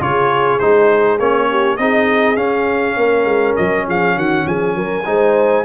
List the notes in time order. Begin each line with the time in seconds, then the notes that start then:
0.00 C#3 F4 G#4 C#5
0.59 G#3 D#4 C5
1.19 A#3 C#4 C#5
1.50 G4
1.77 C4 D#4 G#4 D#5
2.37 C#4 F5
2.97 A#3 A#4
3.25 G#3
3.56 F#3 D#5
3.87 F3 G#4 F5
4.16 D#3 F#4 F#5
4.46 F3 G#4 G#5
4.76 F#3 A#4
5.05 G#3 D#4 C5